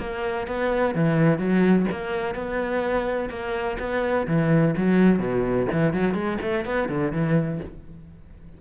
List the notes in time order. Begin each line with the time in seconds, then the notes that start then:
0.00 A#3
0.47 B3
0.95 E3
1.39 F#3
1.91 A#3
2.35 B3
3.30 A#3
3.79 B3
4.27 E3
4.77 F#3
5.19 B2
5.72 E3
5.93 F#3
6.14 G#3
6.41 A3
6.66 B3
6.89 D3
7.12 E3